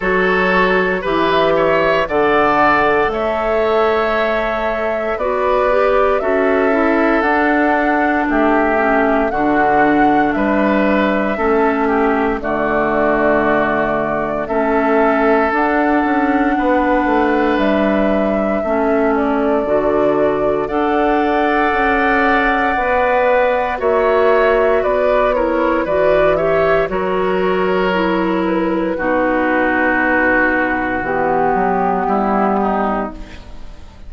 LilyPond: <<
  \new Staff \with { instrumentName = "flute" } { \time 4/4 \tempo 4 = 58 cis''4 e'16 e''8. fis''4 e''4~ | e''4 d''4 e''4 fis''4 | e''4 fis''4 e''2 | d''2 e''4 fis''4~ |
fis''4 e''4. d''4. | fis''2. e''4 | d''8 cis''8 d''8 e''8 cis''4. b'8~ | b'2 g'2 | }
  \new Staff \with { instrumentName = "oboe" } { \time 4/4 a'4 b'8 cis''8 d''4 cis''4~ | cis''4 b'4 a'2 | g'4 fis'4 b'4 a'8 g'8 | fis'2 a'2 |
b'2 a'2 | d''2. cis''4 | b'8 ais'8 b'8 cis''8 ais'2 | fis'2. e'8 dis'8 | }
  \new Staff \with { instrumentName = "clarinet" } { \time 4/4 fis'4 g'4 a'2~ | a'4 fis'8 g'8 fis'8 e'8 d'4~ | d'8 cis'8 d'2 cis'4 | a2 cis'4 d'4~ |
d'2 cis'4 fis'4 | a'2 b'4 fis'4~ | fis'8 e'8 fis'8 g'8 fis'4 e'4 | dis'2 b2 | }
  \new Staff \with { instrumentName = "bassoon" } { \time 4/4 fis4 e4 d4 a4~ | a4 b4 cis'4 d'4 | a4 d4 g4 a4 | d2 a4 d'8 cis'8 |
b8 a8 g4 a4 d4 | d'4 cis'4 b4 ais4 | b4 e4 fis2 | b,2 e8 fis8 g4 | }
>>